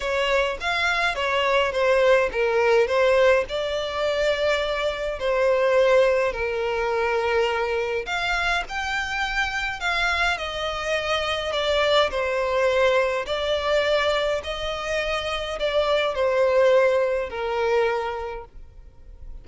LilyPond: \new Staff \with { instrumentName = "violin" } { \time 4/4 \tempo 4 = 104 cis''4 f''4 cis''4 c''4 | ais'4 c''4 d''2~ | d''4 c''2 ais'4~ | ais'2 f''4 g''4~ |
g''4 f''4 dis''2 | d''4 c''2 d''4~ | d''4 dis''2 d''4 | c''2 ais'2 | }